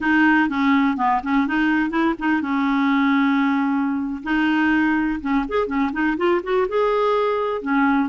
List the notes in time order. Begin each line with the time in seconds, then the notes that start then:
0.00 D#4
0.49 C#4
0.97 B3
1.23 C#4
1.47 D#4
1.90 E4
2.18 D#4
2.41 C#4
4.23 D#4
5.21 C#4
5.48 G#4
5.66 C#4
5.92 D#4
6.17 F4
6.43 F#4
6.68 G#4
7.61 C#4